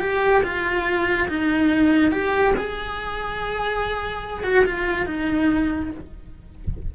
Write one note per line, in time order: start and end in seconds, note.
0.00 0.42 G4
0.43 1.28 F4
1.28 2.12 D#4
2.12 2.54 G4
2.57 4.43 G#4
4.43 4.65 F#4
4.65 5.06 F4
5.06 5.91 D#4